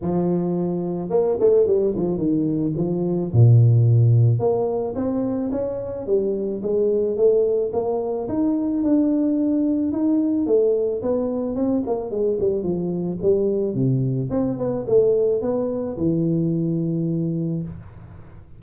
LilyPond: \new Staff \with { instrumentName = "tuba" } { \time 4/4 \tempo 4 = 109 f2 ais8 a8 g8 f8 | dis4 f4 ais,2 | ais4 c'4 cis'4 g4 | gis4 a4 ais4 dis'4 |
d'2 dis'4 a4 | b4 c'8 ais8 gis8 g8 f4 | g4 c4 c'8 b8 a4 | b4 e2. | }